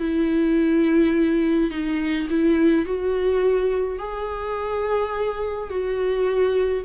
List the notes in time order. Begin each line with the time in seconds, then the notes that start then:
0.00 E4
1.71 D#4
2.30 E4
2.86 F#4
3.99 G#4
5.70 F#4